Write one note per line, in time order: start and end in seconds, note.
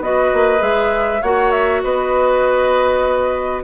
0.00 0.30 B3
0.00 0.58 F#4
0.00 1.21 B4
0.00 0.62 D#5
0.33 0.61 A#3
0.58 1.21 G#3
0.58 1.18 G#4
0.58 1.22 E5
1.21 1.82 A#3
1.21 3.63 F#4
1.21 1.81 C#5
1.21 1.51 F#5
1.51 1.81 E5
1.83 3.63 B3
1.83 3.63 B4
1.83 3.63 D#5